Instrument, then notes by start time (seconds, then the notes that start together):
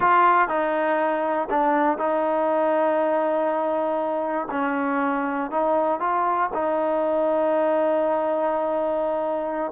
trombone
0.00 F4
0.48 D#4
1.50 D4
1.97 D#4
4.50 C#4
5.50 D#4
6.00 F4
6.53 D#4